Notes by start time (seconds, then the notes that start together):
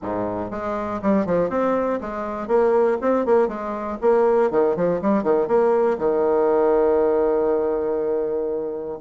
0.01 G#2
0.50 G#3
1.02 G3
1.26 F3
1.49 C4
2.00 G#3
2.48 A#3
3.01 C4
3.25 A#3
3.47 G#3
4.01 A#3
4.50 D#3
4.75 F3
5.01 G3
5.23 D#3
5.47 A#3
5.98 D#3